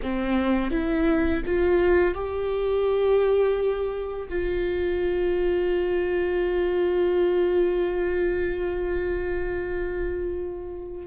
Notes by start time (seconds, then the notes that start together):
0.02 C4
0.70 E4
1.45 F4
2.14 G4
4.29 F4